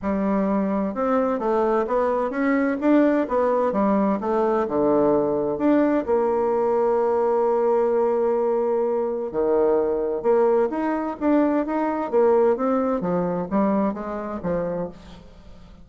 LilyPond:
\new Staff \with { instrumentName = "bassoon" } { \time 4/4 \tempo 4 = 129 g2 c'4 a4 | b4 cis'4 d'4 b4 | g4 a4 d2 | d'4 ais2.~ |
ais1 | dis2 ais4 dis'4 | d'4 dis'4 ais4 c'4 | f4 g4 gis4 f4 | }